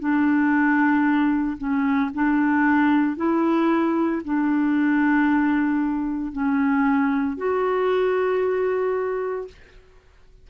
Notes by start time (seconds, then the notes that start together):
0.00 D4
1.58 C#4
2.14 D4
3.17 E4
4.25 D4
6.33 C#4
7.38 F#4